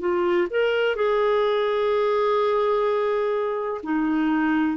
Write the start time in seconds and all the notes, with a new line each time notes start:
0.00 F4
0.51 A#4
0.96 G#4
3.84 D#4